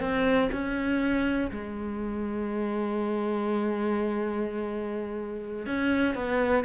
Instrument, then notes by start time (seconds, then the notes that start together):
cello
0.00 C4
0.52 C#4
1.51 G#3
5.66 C#4
6.15 B3